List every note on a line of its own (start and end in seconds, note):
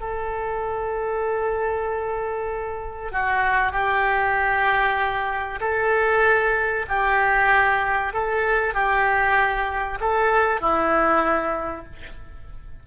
0.00 3.11 A4
3.11 3.72 F#4
3.72 5.60 G4
5.61 6.86 A4
6.88 8.13 G4
8.13 8.74 A4
8.74 9.99 G4
10.01 10.61 A4
10.61 11.86 E4